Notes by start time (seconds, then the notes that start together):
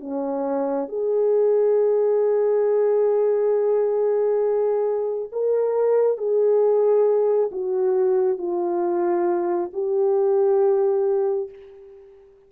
0.00 C#4
0.89 G#4
5.32 A#4
6.18 G#4
7.52 F#4
8.38 F4
9.73 G4